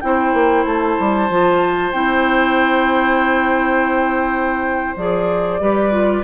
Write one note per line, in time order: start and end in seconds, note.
0.00 0.33 C4
0.00 1.30 E4
0.00 5.62 C5
0.00 0.64 G5
0.33 0.65 A#3
0.65 0.97 A3
0.65 1.92 A5
0.99 1.29 G3
1.29 1.93 F3
1.29 1.93 F4
1.92 4.96 C4
1.92 4.96 E4
1.92 4.95 G5
4.96 5.60 F3
4.96 5.60 G#4
4.96 6.23 D5
5.60 6.23 G3
5.60 5.91 G4
5.60 6.23 B4
5.91 6.23 F4